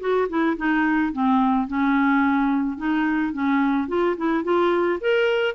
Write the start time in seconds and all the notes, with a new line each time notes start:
0.00 F#4
0.29 E4
0.57 D#4
1.12 C4
1.67 C#4
2.77 D#4
3.33 C#4
3.88 F4
4.17 E4
4.44 F4
5.01 A#4